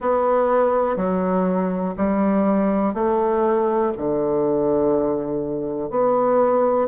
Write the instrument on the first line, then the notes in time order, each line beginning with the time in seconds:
bassoon
0.00 B3
0.96 F#3
1.96 G3
2.93 A3
3.97 D3
5.90 B3